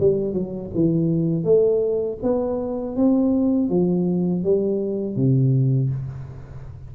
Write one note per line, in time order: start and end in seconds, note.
0.00 0.34 G3
0.34 0.71 F#3
0.75 1.44 E3
1.44 2.19 A3
2.23 2.96 B3
2.96 3.70 C4
3.70 4.44 F3
4.44 5.16 G3
5.16 5.90 C3